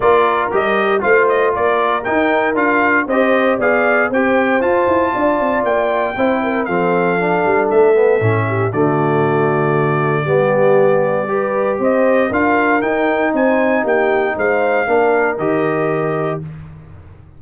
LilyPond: <<
  \new Staff \with { instrumentName = "trumpet" } { \time 4/4 \tempo 4 = 117 d''4 dis''4 f''8 dis''8 d''4 | g''4 f''4 dis''4 f''4 | g''4 a''2 g''4~ | g''4 f''2 e''4~ |
e''4 d''2.~ | d''2. dis''4 | f''4 g''4 gis''4 g''4 | f''2 dis''2 | }
  \new Staff \with { instrumentName = "horn" } { \time 4/4 ais'2 c''4 ais'4~ | ais'2 c''4 d''4 | c''2 d''2 | c''8 ais'8 a'2.~ |
a'8 g'8 fis'2. | g'2 b'4 c''4 | ais'2 c''4 g'4 | c''4 ais'2. | }
  \new Staff \with { instrumentName = "trombone" } { \time 4/4 f'4 g'4 f'2 | dis'4 f'4 g'4 gis'4 | g'4 f'2. | e'4 c'4 d'4. b8 |
cis'4 a2. | b2 g'2 | f'4 dis'2.~ | dis'4 d'4 g'2 | }
  \new Staff \with { instrumentName = "tuba" } { \time 4/4 ais4 g4 a4 ais4 | dis'4 d'4 c'4 b4 | c'4 f'8 e'8 d'8 c'8 ais4 | c'4 f4. g8 a4 |
a,4 d2. | g2. c'4 | d'4 dis'4 c'4 ais4 | gis4 ais4 dis2 | }
>>